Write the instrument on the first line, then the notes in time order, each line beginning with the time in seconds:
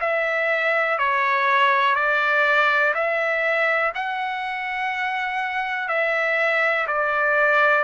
trumpet
0.00 E5
0.98 C#5
1.95 D5
2.94 E5
3.94 F#5
5.88 E5
6.87 D5